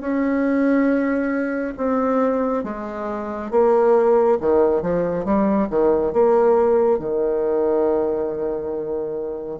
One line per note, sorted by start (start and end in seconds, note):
0.00 1.74 C#4
1.77 2.64 C4
2.64 3.51 G#3
3.51 4.38 A#3
4.40 4.82 D#3
4.82 5.25 F3
5.25 5.68 G3
5.70 6.13 D#3
6.13 6.99 A#3
6.99 9.59 D#3